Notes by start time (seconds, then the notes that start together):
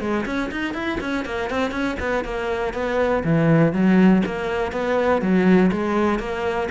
0.00 G#3
0.25 C#4
0.51 D#4
0.73 E4
1.00 C#4
1.25 A#3
1.50 C4
1.71 C#4
1.99 B3
2.24 A#3
2.73 B3
3.23 E3
3.73 F#3
4.25 A#3
4.72 B3
5.21 F#3
5.71 G#3
6.19 A#3